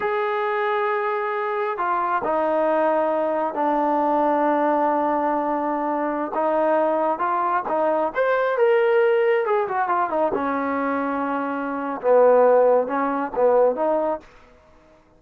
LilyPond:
\new Staff \with { instrumentName = "trombone" } { \time 4/4 \tempo 4 = 135 gis'1 | f'4 dis'2. | d'1~ | d'2~ d'16 dis'4.~ dis'16~ |
dis'16 f'4 dis'4 c''4 ais'8.~ | ais'4~ ais'16 gis'8 fis'8 f'8 dis'8 cis'8.~ | cis'2. b4~ | b4 cis'4 b4 dis'4 | }